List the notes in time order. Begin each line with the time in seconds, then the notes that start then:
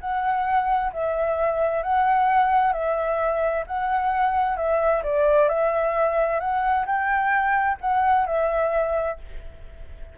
0.00 F#5
0.92 E5
1.83 F#5
2.73 E5
3.67 F#5
4.57 E5
5.03 D5
5.49 E5
6.40 F#5
6.86 G5
7.81 F#5
8.26 E5